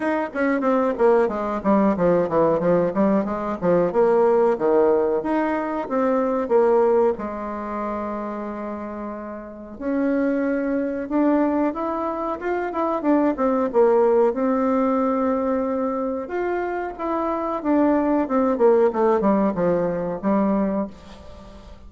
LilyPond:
\new Staff \with { instrumentName = "bassoon" } { \time 4/4 \tempo 4 = 92 dis'8 cis'8 c'8 ais8 gis8 g8 f8 e8 | f8 g8 gis8 f8 ais4 dis4 | dis'4 c'4 ais4 gis4~ | gis2. cis'4~ |
cis'4 d'4 e'4 f'8 e'8 | d'8 c'8 ais4 c'2~ | c'4 f'4 e'4 d'4 | c'8 ais8 a8 g8 f4 g4 | }